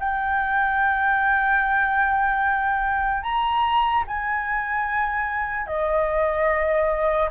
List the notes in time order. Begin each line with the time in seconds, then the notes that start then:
0.00 G5
3.23 A#5
4.08 G#5
5.67 D#5